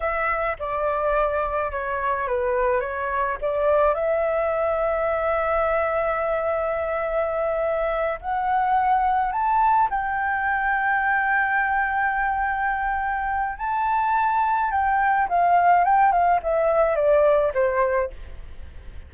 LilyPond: \new Staff \with { instrumentName = "flute" } { \time 4/4 \tempo 4 = 106 e''4 d''2 cis''4 | b'4 cis''4 d''4 e''4~ | e''1~ | e''2~ e''8 fis''4.~ |
fis''8 a''4 g''2~ g''8~ | g''1 | a''2 g''4 f''4 | g''8 f''8 e''4 d''4 c''4 | }